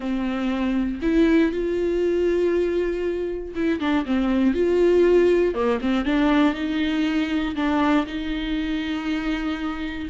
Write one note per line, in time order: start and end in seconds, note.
0.00 1.00 C4
1.02 1.52 E4
1.52 3.53 F4
3.55 3.80 E4
3.80 4.05 D4
4.05 4.54 C4
4.54 5.54 F4
5.54 5.79 A#3
5.81 6.05 C4
6.05 6.54 D4
6.54 7.55 D#4
7.55 8.06 D4
8.06 10.08 D#4